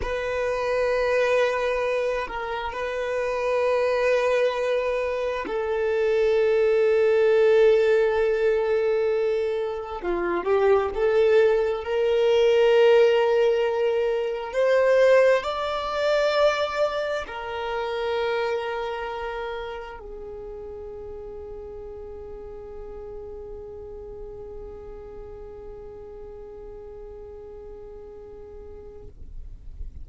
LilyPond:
\new Staff \with { instrumentName = "violin" } { \time 4/4 \tempo 4 = 66 b'2~ b'8 ais'8 b'4~ | b'2 a'2~ | a'2. f'8 g'8 | a'4 ais'2. |
c''4 d''2 ais'4~ | ais'2 gis'2~ | gis'1~ | gis'1 | }